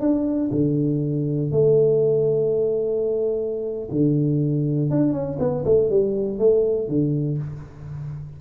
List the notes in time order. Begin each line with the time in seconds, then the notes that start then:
0.00 D4
0.51 D3
1.51 A3
3.91 D3
4.90 D4
5.12 C#4
5.39 B3
5.65 A3
5.90 G3
6.38 A3
6.88 D3